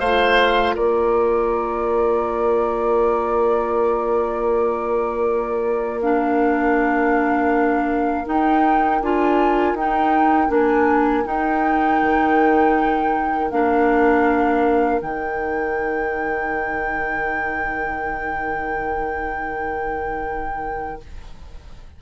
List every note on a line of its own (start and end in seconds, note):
0.00 0.75 A3
0.00 6.01 F4
0.00 0.75 C5
0.00 0.75 F5
0.76 8.27 A#3
0.76 21.01 A#4
0.76 6.01 D5
6.02 8.26 D4
6.02 8.27 F5
8.26 9.01 D#4
8.26 9.02 D#4
8.26 9.02 G5
9.02 9.74 D4
9.02 9.78 F4
9.02 9.77 G#5
9.74 10.49 D#4
9.74 10.48 D#4
9.74 10.53 G5
10.48 11.25 A#3
10.48 11.23 D4
10.48 11.26 G#5
11.25 13.50 D#4
11.25 12.02 D#4
11.25 13.51 G5
12.03 13.52 D#3
13.51 15.02 A#3
13.51 15.01 D4
13.51 15.01 F5
15.01 21.02 D#3
15.01 21.01 D#4
15.01 21.02 G5